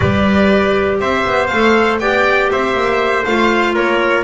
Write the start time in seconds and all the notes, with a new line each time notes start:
0.00 G3 G4 B4 D5
0.99 C4 C5 E5
1.25 B3
1.46 A3 A4 F5
1.99 B3 G4 D5 G5
2.51 C4 C5 E5
2.74 A#3
3.24 A3 F4 F5
3.74 A#3 A#4 C#5